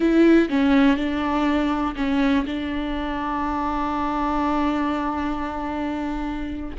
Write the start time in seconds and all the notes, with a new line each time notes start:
0.00 E4
0.49 C#4
0.96 D4
1.95 C#4
2.46 D4